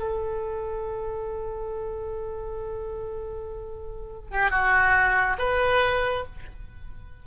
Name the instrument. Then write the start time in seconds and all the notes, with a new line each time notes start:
oboe
0.00 A4
4.31 G4
4.50 F#4
5.39 B4